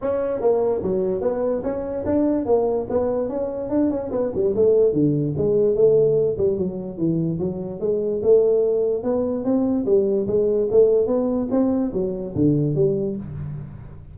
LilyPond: \new Staff \with { instrumentName = "tuba" } { \time 4/4 \tempo 4 = 146 cis'4 ais4 fis4 b4 | cis'4 d'4 ais4 b4 | cis'4 d'8 cis'8 b8 g8 a4 | d4 gis4 a4. g8 |
fis4 e4 fis4 gis4 | a2 b4 c'4 | g4 gis4 a4 b4 | c'4 fis4 d4 g4 | }